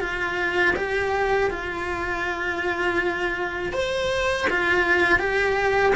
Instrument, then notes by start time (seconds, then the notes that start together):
cello
0.00 F4
0.76 G4
1.50 F4
3.72 C5
4.49 F4
5.19 G4